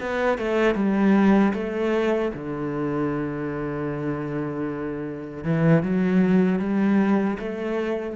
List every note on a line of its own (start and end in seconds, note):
0.00 0.38 B3
0.38 0.75 A3
0.75 1.53 G3
1.54 2.32 A3
2.34 5.44 D3
5.44 5.83 E3
5.83 6.59 F#3
6.59 7.37 G3
7.39 8.16 A3